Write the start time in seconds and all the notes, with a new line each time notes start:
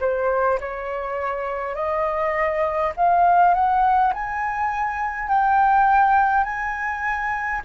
0.00 C5
0.60 C#5
1.75 D#5
2.96 F5
3.54 F#5
4.13 G#5
5.28 G5
6.43 G#5